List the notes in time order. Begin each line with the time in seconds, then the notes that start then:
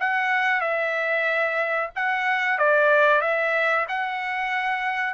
0.00 F#5
0.61 E5
1.96 F#5
2.58 D5
3.21 E5
3.89 F#5